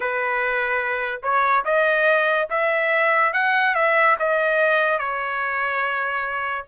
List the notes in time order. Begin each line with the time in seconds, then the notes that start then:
0.00 B4
1.22 C#5
1.64 D#5
2.50 E5
3.33 F#5
3.74 E5
4.19 D#5
4.98 C#5